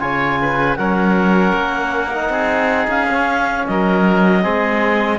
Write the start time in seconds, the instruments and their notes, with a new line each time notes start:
0.00 cello C#3, trombone F4, oboe C#5, clarinet G#5
0.42 oboe B4
0.77 cello F#3, trombone C#4, oboe A#4, clarinet F#5
1.53 cello A#3
2.12 trombone D#4
2.30 cello C4, oboe G#4
2.88 cello C#4, clarinet F5
3.12 trombone C#4
3.67 cello F#3, oboe A#4, clarinet D#5
4.42 cello G#3, trombone C4, oboe G#4